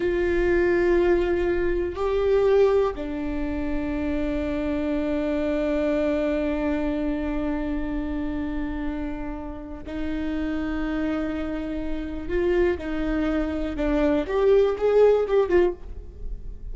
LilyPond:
\new Staff \with { instrumentName = "viola" } { \time 4/4 \tempo 4 = 122 f'1 | g'2 d'2~ | d'1~ | d'1~ |
d'1 | dis'1~ | dis'4 f'4 dis'2 | d'4 g'4 gis'4 g'8 f'8 | }